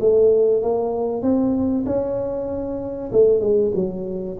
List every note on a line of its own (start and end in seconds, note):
0.00 0.62 A3
0.62 1.22 A#3
1.22 1.84 C4
1.86 3.11 C#4
3.12 3.40 A3
3.40 3.71 G#3
3.75 4.37 F#3